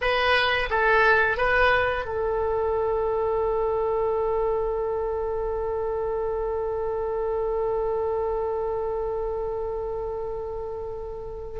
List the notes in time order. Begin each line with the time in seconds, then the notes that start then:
0.01 B4
0.69 A4
1.37 B4
2.05 A4